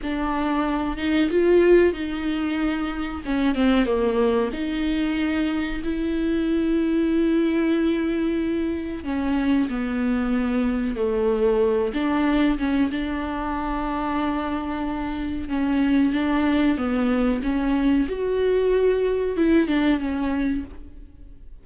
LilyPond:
\new Staff \with { instrumentName = "viola" } { \time 4/4 \tempo 4 = 93 d'4. dis'8 f'4 dis'4~ | dis'4 cis'8 c'8 ais4 dis'4~ | dis'4 e'2.~ | e'2 cis'4 b4~ |
b4 a4. d'4 cis'8 | d'1 | cis'4 d'4 b4 cis'4 | fis'2 e'8 d'8 cis'4 | }